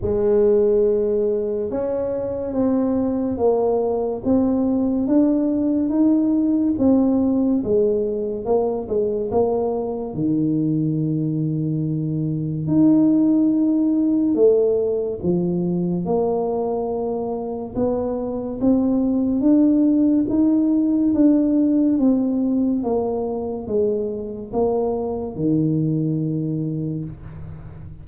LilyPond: \new Staff \with { instrumentName = "tuba" } { \time 4/4 \tempo 4 = 71 gis2 cis'4 c'4 | ais4 c'4 d'4 dis'4 | c'4 gis4 ais8 gis8 ais4 | dis2. dis'4~ |
dis'4 a4 f4 ais4~ | ais4 b4 c'4 d'4 | dis'4 d'4 c'4 ais4 | gis4 ais4 dis2 | }